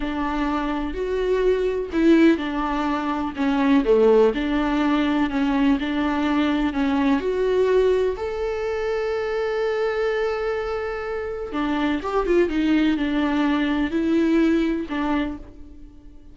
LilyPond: \new Staff \with { instrumentName = "viola" } { \time 4/4 \tempo 4 = 125 d'2 fis'2 | e'4 d'2 cis'4 | a4 d'2 cis'4 | d'2 cis'4 fis'4~ |
fis'4 a'2.~ | a'1 | d'4 g'8 f'8 dis'4 d'4~ | d'4 e'2 d'4 | }